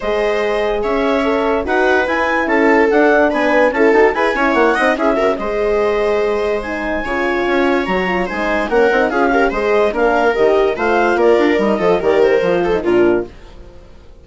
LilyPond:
<<
  \new Staff \with { instrumentName = "clarinet" } { \time 4/4 \tempo 4 = 145 dis''2 e''2 | fis''4 gis''4 a''4 fis''4 | gis''4 a''4 gis''4 fis''4 | e''4 dis''2. |
gis''2. ais''4 | gis''4 fis''4 f''4 dis''4 | f''4 dis''4 f''4 d''4 | dis''4 d''8 c''4. ais'4 | }
  \new Staff \with { instrumentName = "viola" } { \time 4/4 c''2 cis''2 | b'2 a'2 | b'4 a'4 b'8 cis''4 dis''8 | gis'8 ais'8 c''2.~ |
c''4 cis''2. | c''4 ais'4 gis'8 ais'8 c''4 | ais'2 c''4 ais'4~ | ais'8 a'8 ais'4. a'8 f'4 | }
  \new Staff \with { instrumentName = "horn" } { \time 4/4 gis'2. a'4 | fis'4 e'2 d'4~ | d'4 e'8 fis'8 gis'8 e'4 dis'8 | e'8 fis'8 gis'2. |
dis'4 f'2 fis'8 f'8 | dis'4 cis'8 dis'8 f'8 g'8 gis'4 | d'4 g'4 f'2 | dis'8 f'8 g'4 f'8. dis'16 d'4 | }
  \new Staff \with { instrumentName = "bassoon" } { \time 4/4 gis2 cis'2 | dis'4 e'4 cis'4 d'4 | b4 cis'8 dis'8 e'8 cis'8 ais8 c'8 | cis'8 cis8 gis2.~ |
gis4 cis4 cis'4 fis4 | gis4 ais8 c'8 cis'4 gis4 | ais4 dis4 a4 ais8 d'8 | g8 f8 dis4 f4 ais,4 | }
>>